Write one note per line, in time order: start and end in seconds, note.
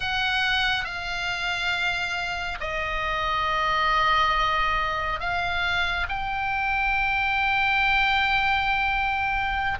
0.00 0.84 F#5
0.84 2.58 F5
2.60 5.20 D#5
5.20 6.07 F5
6.08 9.78 G5